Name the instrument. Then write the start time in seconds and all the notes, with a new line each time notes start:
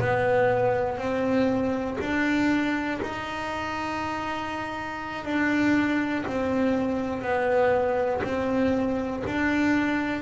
double bass
0.00 B3
0.98 C4
2.01 D4
3.02 D#4
5.25 D4
6.26 C4
7.22 B3
8.24 C4
9.27 D4